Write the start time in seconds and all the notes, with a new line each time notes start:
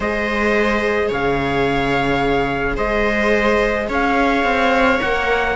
0.00 G#3 G#4 C5 D#5
1.08 C#3 C#5 F5
2.76 G#3 C5 D#5
3.88 C#4 C#5 F5
4.43 C4
4.98 A#3 A#4 F#5